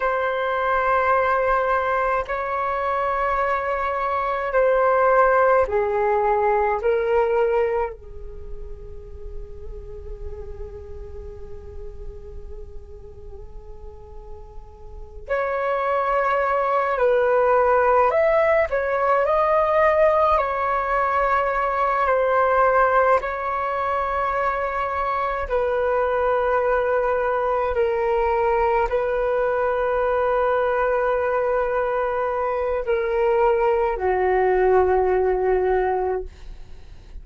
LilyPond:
\new Staff \with { instrumentName = "flute" } { \time 4/4 \tempo 4 = 53 c''2 cis''2 | c''4 gis'4 ais'4 gis'4~ | gis'1~ | gis'4. cis''4. b'4 |
e''8 cis''8 dis''4 cis''4. c''8~ | c''8 cis''2 b'4.~ | b'8 ais'4 b'2~ b'8~ | b'4 ais'4 fis'2 | }